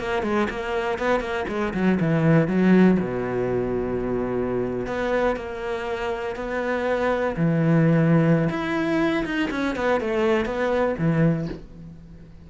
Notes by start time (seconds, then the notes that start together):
0.00 A#3
0.23 G#3
0.50 A#3
0.99 B3
1.20 A#3
1.49 G#3
1.74 F#3
2.01 E3
2.48 F#3
3.00 B2
4.87 B3
5.37 A#3
6.36 B3
7.37 E3
8.50 E4
9.25 D#4
9.51 C#4
9.76 B3
10.01 A3
10.46 B3
10.98 E3